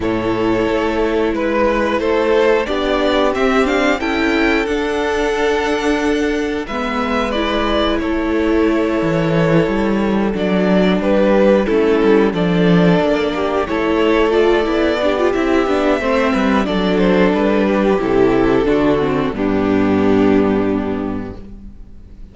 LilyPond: <<
  \new Staff \with { instrumentName = "violin" } { \time 4/4 \tempo 4 = 90 cis''2 b'4 c''4 | d''4 e''8 f''8 g''4 fis''4~ | fis''2 e''4 d''4 | cis''2.~ cis''8 d''8~ |
d''8 b'4 a'4 d''4.~ | d''8 cis''4 d''4. e''4~ | e''4 d''8 c''8 b'4 a'4~ | a'4 g'2. | }
  \new Staff \with { instrumentName = "violin" } { \time 4/4 a'2 b'4 a'4 | g'2 a'2~ | a'2 b'2 | a'1~ |
a'8 g'4 e'4 a'4. | g'8 a'2 g'4. | c''8 b'8 a'4. g'4. | fis'4 d'2. | }
  \new Staff \with { instrumentName = "viola" } { \time 4/4 e'1 | d'4 c'8 d'8 e'4 d'4~ | d'2 b4 e'4~ | e'2.~ e'8 d'8~ |
d'4. cis'4 d'4.~ | d'8 e'4 f'8 e'8 d'16 f'16 e'8 d'8 | c'4 d'2 e'4 | d'8 c'8 b2. | }
  \new Staff \with { instrumentName = "cello" } { \time 4/4 a,4 a4 gis4 a4 | b4 c'4 cis'4 d'4~ | d'2 gis2 | a4. e4 g4 fis8~ |
fis8 g4 a8 g8 f4 ais8~ | ais8 a4. b4 c'8 b8 | a8 g8 fis4 g4 c4 | d4 g,2. | }
>>